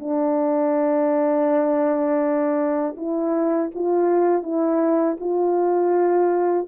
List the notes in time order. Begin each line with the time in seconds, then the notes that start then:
0.00 D4
2.97 E4
3.75 F4
4.43 E4
5.21 F4